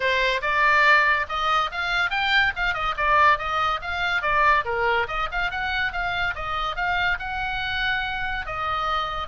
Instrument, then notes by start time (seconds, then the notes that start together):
oboe
0.00 C5
0.41 D5
1.28 D#5
1.71 F5
2.10 G5
2.56 F5
2.73 D#5
2.97 D5
3.38 D#5
3.81 F5
4.22 D5
4.64 A#4
5.07 D#5
5.31 F5
5.50 F#5
5.92 F5
6.35 D#5
6.75 F5
7.19 F#5
8.46 D#5